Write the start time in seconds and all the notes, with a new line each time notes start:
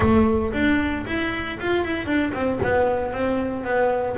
0.00 A3
0.53 D4
1.06 E4
1.60 F4
1.84 E4
2.06 D4
2.33 C4
2.62 B3
3.12 C4
3.64 B3